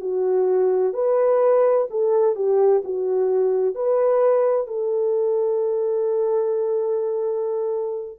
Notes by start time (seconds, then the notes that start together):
0.00 F#4
0.93 B4
1.90 A4
2.35 G4
2.84 F#4
3.75 B4
4.67 A4